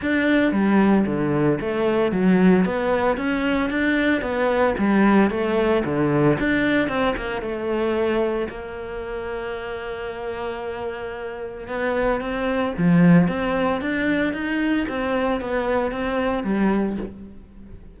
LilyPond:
\new Staff \with { instrumentName = "cello" } { \time 4/4 \tempo 4 = 113 d'4 g4 d4 a4 | fis4 b4 cis'4 d'4 | b4 g4 a4 d4 | d'4 c'8 ais8 a2 |
ais1~ | ais2 b4 c'4 | f4 c'4 d'4 dis'4 | c'4 b4 c'4 g4 | }